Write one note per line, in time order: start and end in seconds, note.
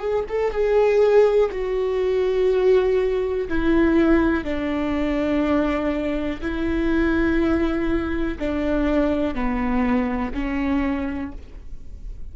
0.00 0.25 G#4
0.29 0.52 A4
0.52 1.50 G#4
1.52 3.49 F#4
3.49 4.44 E4
4.44 6.41 D4
6.42 8.38 E4
8.39 9.35 D4
9.35 10.33 B3
10.35 11.33 C#4